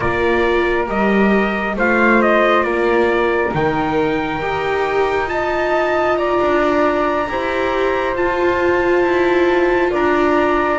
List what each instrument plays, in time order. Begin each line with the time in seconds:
0.00 double bass A#3, viola F4, flute A#4, trumpet D5
0.86 double bass G3, viola G4, trumpet D#5
1.76 double bass A3, viola F4, flute C5, trumpet F5
2.22 trumpet D#5
2.63 double bass A#3, flute A#4, trumpet D5
3.52 double bass D#3, viola D#4, trumpet G5
4.40 double bass D#4, viola G4
5.26 viola F4, flute D#5, trumpet A5
6.17 flute D5, trumpet A#5
6.40 double bass D4
7.27 double bass E4, viola G4, flute C5
8.14 double bass F4, viola F4, trumpet A5
9.02 double bass E4
9.90 double bass D4, flute D5, trumpet A#5